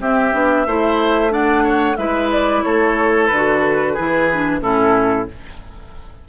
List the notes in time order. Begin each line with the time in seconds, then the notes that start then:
0.00 C4 G4 E5
0.33 B3 D4
0.66 A3 E4 C5
1.30 D4 D5 F#5
1.64 C#5
1.96 G#3 E4 B4 E5
2.32 D5
2.62 A3 A4 C#5
3.27 D3 B4
3.35 F#4
3.93 E3 E4 G#4
4.33 D4
4.61 A2 C#4 E4 A4